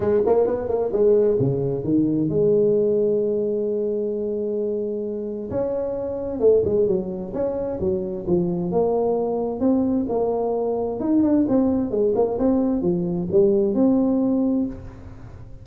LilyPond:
\new Staff \with { instrumentName = "tuba" } { \time 4/4 \tempo 4 = 131 gis8 ais8 b8 ais8 gis4 cis4 | dis4 gis2.~ | gis1 | cis'2 a8 gis8 fis4 |
cis'4 fis4 f4 ais4~ | ais4 c'4 ais2 | dis'8 d'8 c'4 gis8 ais8 c'4 | f4 g4 c'2 | }